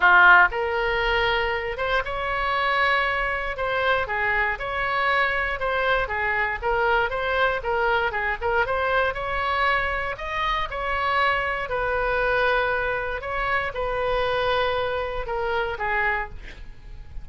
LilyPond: \new Staff \with { instrumentName = "oboe" } { \time 4/4 \tempo 4 = 118 f'4 ais'2~ ais'8 c''8 | cis''2. c''4 | gis'4 cis''2 c''4 | gis'4 ais'4 c''4 ais'4 |
gis'8 ais'8 c''4 cis''2 | dis''4 cis''2 b'4~ | b'2 cis''4 b'4~ | b'2 ais'4 gis'4 | }